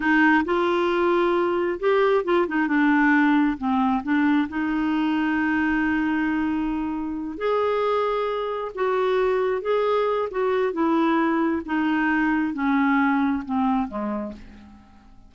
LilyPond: \new Staff \with { instrumentName = "clarinet" } { \time 4/4 \tempo 4 = 134 dis'4 f'2. | g'4 f'8 dis'8 d'2 | c'4 d'4 dis'2~ | dis'1~ |
dis'8 gis'2. fis'8~ | fis'4. gis'4. fis'4 | e'2 dis'2 | cis'2 c'4 gis4 | }